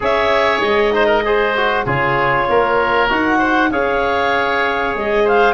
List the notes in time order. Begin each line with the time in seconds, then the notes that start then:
0.00 C#4 G#4 C#5 E5
0.60 G#3 D#5
0.91 D#4 C5
1.06 A#4
1.24 G#4 C5
1.56 F#4
1.85 C#3 F4 G#4 C#5
2.49 A#3 A#4
3.09 D#4 F#4 F#5
3.38 C5
3.70 C#4 G#4 C#5 F5
4.95 G#3 D#5
5.24 C5 F5